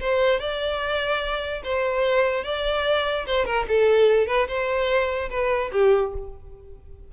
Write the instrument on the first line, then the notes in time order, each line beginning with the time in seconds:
violin
0.00 C5
0.40 D5
1.64 C5
2.44 D5
3.26 C5
3.45 A#4
3.68 A4
4.27 B4
4.47 C5
5.29 B4
5.72 G4